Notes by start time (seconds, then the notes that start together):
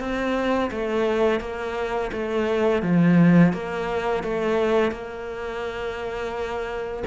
0.00 C4
0.71 A3
1.41 A#3
2.13 A3
2.83 F3
3.54 A#3
4.24 A3
4.92 A#3